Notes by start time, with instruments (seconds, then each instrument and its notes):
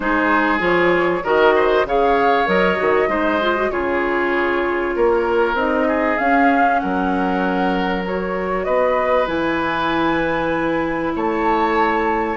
0.00 bassoon G#3, clarinet D#4, oboe G#4, flute C5
0.59 bassoon F3, clarinet F4, flute C#5
1.23 bassoon D#3, clarinet F#4, oboe A#4, flute D#5
1.55 oboe C5
1.85 bassoon C#3, clarinet G#4, oboe C#5, flute F5
2.45 bassoon F#3, clarinet A#4, flute D#5
2.77 bassoon D#3, clarinet F#4
3.07 bassoon G#3, clarinet D#4, oboe C5
3.41 clarinet F4
3.56 clarinet F#4
3.70 bassoon C#3, clarinet F4, oboe G#4, flute C#5
4.95 bassoon A#3, oboe A#4
5.53 bassoon C4, clarinet D#4, flute D#5
5.87 oboe G#4
6.18 clarinet C#4, bassoon C#4, flute F5
6.79 bassoon F#3, oboe A#4, flute F#5
8.03 clarinet F#4, flute C#5
8.64 bassoon B3, oboe B4, flute D#5
9.27 bassoon E3, clarinet E4, flute G#5
11.15 bassoon A3, oboe C#5, flute A5